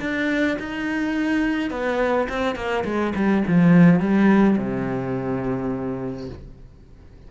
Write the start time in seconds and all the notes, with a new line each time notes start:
0.00 D4
0.59 D#4
1.70 B3
2.29 C4
2.55 A#3
2.84 G#3
3.15 G3
3.47 F3
4.00 G3
4.58 C3